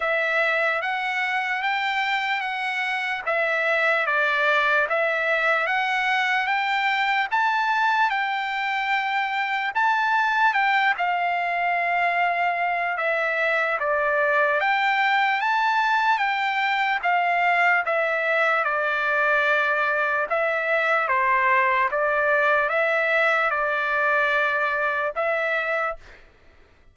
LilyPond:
\new Staff \with { instrumentName = "trumpet" } { \time 4/4 \tempo 4 = 74 e''4 fis''4 g''4 fis''4 | e''4 d''4 e''4 fis''4 | g''4 a''4 g''2 | a''4 g''8 f''2~ f''8 |
e''4 d''4 g''4 a''4 | g''4 f''4 e''4 d''4~ | d''4 e''4 c''4 d''4 | e''4 d''2 e''4 | }